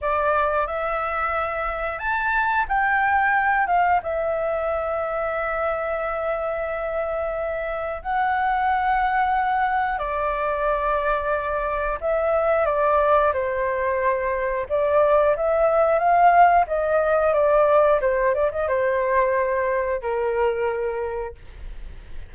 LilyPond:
\new Staff \with { instrumentName = "flute" } { \time 4/4 \tempo 4 = 90 d''4 e''2 a''4 | g''4. f''8 e''2~ | e''1 | fis''2. d''4~ |
d''2 e''4 d''4 | c''2 d''4 e''4 | f''4 dis''4 d''4 c''8 d''16 dis''16 | c''2 ais'2 | }